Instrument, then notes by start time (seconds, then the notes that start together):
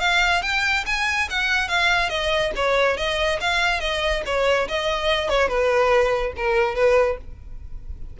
violin
0.00 F5
0.42 G5
0.86 G#5
1.30 F#5
1.68 F5
2.10 D#5
2.56 C#5
2.97 D#5
3.41 F5
3.80 D#5
4.26 C#5
4.68 D#5
5.30 C#5
5.48 B4
6.36 A#4
6.75 B4